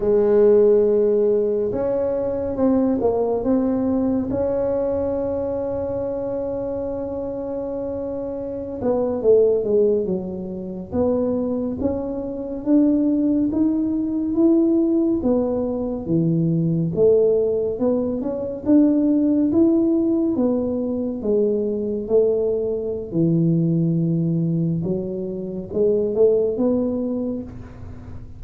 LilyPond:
\new Staff \with { instrumentName = "tuba" } { \time 4/4 \tempo 4 = 70 gis2 cis'4 c'8 ais8 | c'4 cis'2.~ | cis'2~ cis'16 b8 a8 gis8 fis16~ | fis8. b4 cis'4 d'4 dis'16~ |
dis'8. e'4 b4 e4 a16~ | a8. b8 cis'8 d'4 e'4 b16~ | b8. gis4 a4~ a16 e4~ | e4 fis4 gis8 a8 b4 | }